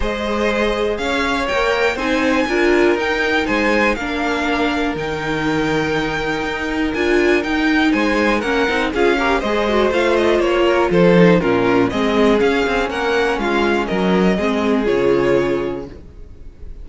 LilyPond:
<<
  \new Staff \with { instrumentName = "violin" } { \time 4/4 \tempo 4 = 121 dis''2 f''4 g''4 | gis''2 g''4 gis''4 | f''2 g''2~ | g''2 gis''4 g''4 |
gis''4 fis''4 f''4 dis''4 | f''8 dis''8 cis''4 c''4 ais'4 | dis''4 f''4 fis''4 f''4 | dis''2 cis''2 | }
  \new Staff \with { instrumentName = "violin" } { \time 4/4 c''2 cis''2 | c''4 ais'2 c''4 | ais'1~ | ais'1 |
c''4 ais'4 gis'8 ais'8 c''4~ | c''4. ais'8 a'4 f'4 | gis'2 ais'4 f'4 | ais'4 gis'2. | }
  \new Staff \with { instrumentName = "viola" } { \time 4/4 gis'2. ais'4 | dis'4 f'4 dis'2 | d'2 dis'2~ | dis'2 f'4 dis'4~ |
dis'4 cis'8 dis'8 f'8 g'8 gis'8 fis'8 | f'2~ f'8 dis'8 cis'4 | c'4 cis'2.~ | cis'4 c'4 f'2 | }
  \new Staff \with { instrumentName = "cello" } { \time 4/4 gis2 cis'4 ais4 | c'4 d'4 dis'4 gis4 | ais2 dis2~ | dis4 dis'4 d'4 dis'4 |
gis4 ais8 c'8 cis'4 gis4 | a4 ais4 f4 ais,4 | gis4 cis'8 c'8 ais4 gis4 | fis4 gis4 cis2 | }
>>